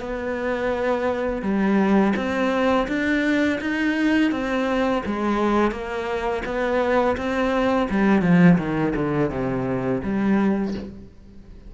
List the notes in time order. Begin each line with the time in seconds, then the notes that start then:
0.00 B3
1.42 G3
2.16 C4
2.88 D4
3.61 D#4
4.31 C4
5.06 G#3
5.71 A#3
6.45 B3
7.17 C4
7.90 G3
8.22 F3
8.58 D#3
8.95 D3
9.30 C3
10.03 G3